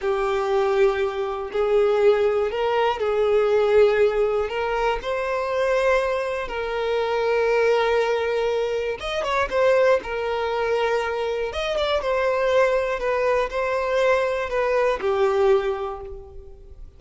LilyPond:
\new Staff \with { instrumentName = "violin" } { \time 4/4 \tempo 4 = 120 g'2. gis'4~ | gis'4 ais'4 gis'2~ | gis'4 ais'4 c''2~ | c''4 ais'2.~ |
ais'2 dis''8 cis''8 c''4 | ais'2. dis''8 d''8 | c''2 b'4 c''4~ | c''4 b'4 g'2 | }